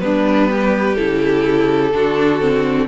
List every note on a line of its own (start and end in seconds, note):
0.00 0.97 G3
0.00 0.96 B3
0.00 0.50 D4
0.00 0.95 B4
0.50 1.93 G4
0.95 1.92 C#3
0.95 1.91 E4
0.95 2.86 A4
1.92 2.87 D3
1.92 2.39 D4
1.92 2.87 F#4
2.39 2.87 C4